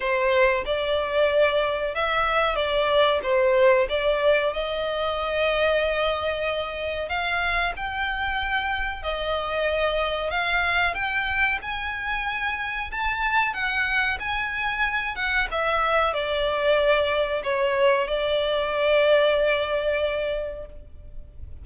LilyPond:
\new Staff \with { instrumentName = "violin" } { \time 4/4 \tempo 4 = 93 c''4 d''2 e''4 | d''4 c''4 d''4 dis''4~ | dis''2. f''4 | g''2 dis''2 |
f''4 g''4 gis''2 | a''4 fis''4 gis''4. fis''8 | e''4 d''2 cis''4 | d''1 | }